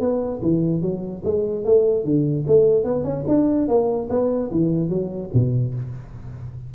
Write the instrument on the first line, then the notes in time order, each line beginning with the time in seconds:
tuba
0.00 B3
0.42 E3
0.82 F#3
1.25 G#3
1.65 A3
2.04 D3
2.47 A3
2.84 B3
3.04 C#4
3.28 D4
3.68 A#3
4.10 B3
4.52 E3
4.89 F#3
5.34 B2